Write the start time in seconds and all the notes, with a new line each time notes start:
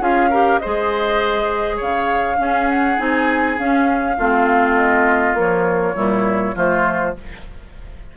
0.00 C#4 F4 G#4 F5
0.30 G4 A#4
0.59 G#4 C5 D#5
0.66 G#3
1.77 C#3 C#5 F5
2.37 C#4 G#4
2.70 F#5
2.98 C4 D#4 G#5
3.59 C#4 F5
4.17 A3 C4 F4
4.76 D#5
5.34 F3 A#3 C#5
5.95 A#2 G3 E4
6.56 F3 A3 F4 C5